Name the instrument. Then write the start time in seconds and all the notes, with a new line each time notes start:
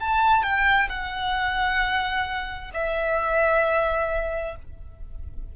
violin
0.00 A5
0.43 G5
0.89 F#5
2.74 E5